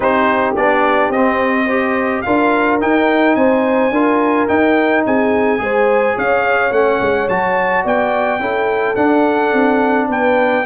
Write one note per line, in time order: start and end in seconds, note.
0.00 0.55 C4
0.00 0.55 D#4
0.00 1.65 G4
0.00 0.55 C5
0.55 1.09 B3
0.55 1.13 D4
0.55 1.11 D5
1.09 2.21 C4
1.09 1.68 C4
1.09 2.21 D#5
1.65 2.25 G4
1.65 2.21 C5
2.21 2.82 D4
2.21 2.80 F4
2.21 3.37 A#4
2.21 2.77 F5
2.80 3.92 D#4
2.80 3.35 D#4
2.80 3.35 G5
3.35 3.90 C4
3.35 3.92 C5
3.35 4.47 G#5
3.90 4.46 D4
3.90 4.48 F4
3.90 5.04 A#4
4.48 5.58 D#4
4.48 5.05 D#4
4.48 5.04 G5
5.05 5.59 C4
5.05 5.62 G#4
5.05 6.18 G#5
5.58 6.15 G#3
5.58 6.70 G#4
5.58 6.16 C5
6.16 6.71 C#4
6.16 7.84 C#5
6.16 6.72 F5
6.71 6.99 A3
6.71 7.29 C#4
6.71 7.28 F#5
7.00 7.28 G#3
7.28 7.84 F#3
7.28 8.40 F#4
7.28 7.85 A5
7.84 8.39 B3
7.84 8.40 D5
7.84 8.95 G5
8.39 8.95 C#4
8.39 8.96 E4
8.39 10.09 A4
8.95 9.53 D4
8.95 10.65 D4
8.95 10.07 F#5
9.53 10.08 C4
10.08 10.64 B3
10.08 10.65 B4
10.08 10.66 G5